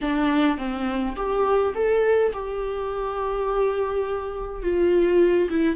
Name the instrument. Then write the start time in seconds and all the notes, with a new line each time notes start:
viola
0.01 D4
0.57 C4
1.15 G4
1.74 A4
2.33 G4
4.62 F4
5.50 E4